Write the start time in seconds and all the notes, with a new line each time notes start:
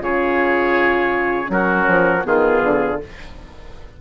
0.00 C#3 F4 G#4 C#5
1.46 F#3 C#4
1.52 F#4 A#4
1.87 F3
2.24 D#3 B3 F4 G#4
2.63 D3